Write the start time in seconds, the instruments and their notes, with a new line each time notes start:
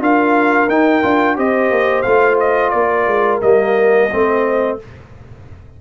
0.00 tuba D4, trombone F4, horn A#4, trumpet F5
0.68 tuba D#4, trombone D#4, trumpet G5
1.02 tuba D4, trombone F4
1.36 tuba C4, trombone G4, horn C5, trumpet D#5
1.71 tuba A#3
2.02 tuba A3, trombone F4, trumpet F5
2.40 trumpet D#5
2.70 tuba A#3, horn A#4, trumpet D5
3.06 tuba G#3
3.42 tuba G3, trombone A#3, trumpet D#5
4.11 tuba A3, trombone C4, horn C5